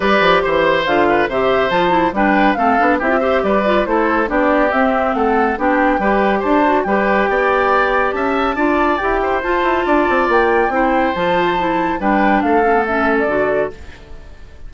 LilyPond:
<<
  \new Staff \with { instrumentName = "flute" } { \time 4/4 \tempo 4 = 140 d''4 c''4 f''4 e''4 | a''4 g''4 f''4 e''4 | d''4 c''4 d''4 e''4 | fis''4 g''2 a''4 |
g''2. a''4~ | a''4 g''4 a''2 | g''2 a''2 | g''4 f''4 e''8. d''4~ d''16 | }
  \new Staff \with { instrumentName = "oboe" } { \time 4/4 b'4 c''4. b'8 c''4~ | c''4 b'4 a'4 g'8 c''8 | b'4 a'4 g'2 | a'4 g'4 b'4 c''4 |
b'4 d''2 e''4 | d''4. c''4. d''4~ | d''4 c''2. | b'4 a'2. | }
  \new Staff \with { instrumentName = "clarinet" } { \time 4/4 g'2 f'4 g'4 | f'8 e'8 d'4 c'8 d'8 e'16 f'16 g'8~ | g'8 f'8 e'4 d'4 c'4~ | c'4 d'4 g'4. fis'8 |
g'1 | f'4 g'4 f'2~ | f'4 e'4 f'4 e'4 | d'4. cis'16 b16 cis'4 fis'4 | }
  \new Staff \with { instrumentName = "bassoon" } { \time 4/4 g8 f8 e4 d4 c4 | f4 g4 a8 b8 c'4 | g4 a4 b4 c'4 | a4 b4 g4 d'4 |
g4 b2 cis'4 | d'4 e'4 f'8 e'8 d'8 c'8 | ais4 c'4 f2 | g4 a2 d4 | }
>>